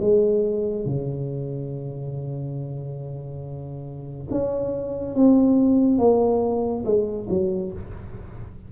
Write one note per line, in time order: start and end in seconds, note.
0.00 0.85 G#3
0.85 4.28 C#3
4.31 5.15 C#4
5.15 5.98 C4
5.98 6.84 A#3
6.85 7.27 G#3
7.29 7.72 F#3